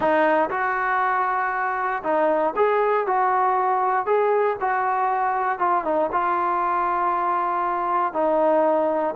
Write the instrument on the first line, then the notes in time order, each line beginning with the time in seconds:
trombone
0.00 D#4
0.50 F#4
2.03 D#4
2.55 G#4
3.06 F#4
4.06 G#4
4.60 F#4
5.59 F4
5.84 D#4
6.12 F4
8.13 D#4